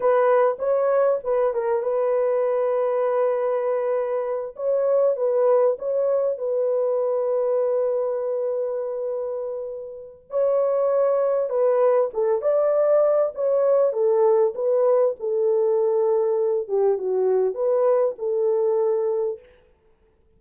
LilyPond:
\new Staff \with { instrumentName = "horn" } { \time 4/4 \tempo 4 = 99 b'4 cis''4 b'8 ais'8 b'4~ | b'2.~ b'8 cis''8~ | cis''8 b'4 cis''4 b'4.~ | b'1~ |
b'4 cis''2 b'4 | a'8 d''4. cis''4 a'4 | b'4 a'2~ a'8 g'8 | fis'4 b'4 a'2 | }